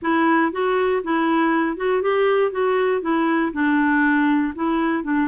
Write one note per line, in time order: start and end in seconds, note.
0.02 0.52 E4
0.52 1.02 F#4
1.03 1.76 E4
1.76 2.01 F#4
2.02 2.51 G4
2.51 3.01 F#4
3.01 3.52 E4
3.52 4.53 D4
4.55 5.03 E4
5.03 5.28 D4